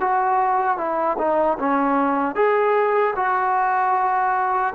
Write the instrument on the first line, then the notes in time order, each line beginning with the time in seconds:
trombone
0.00 F#4
0.77 E4
1.18 D#4
1.59 C#4
2.35 G#4
3.16 F#4